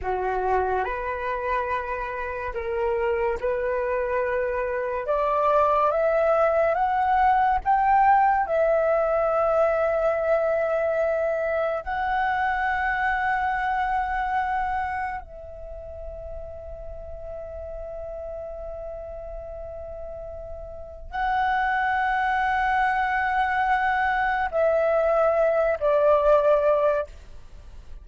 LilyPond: \new Staff \with { instrumentName = "flute" } { \time 4/4 \tempo 4 = 71 fis'4 b'2 ais'4 | b'2 d''4 e''4 | fis''4 g''4 e''2~ | e''2 fis''2~ |
fis''2 e''2~ | e''1~ | e''4 fis''2.~ | fis''4 e''4. d''4. | }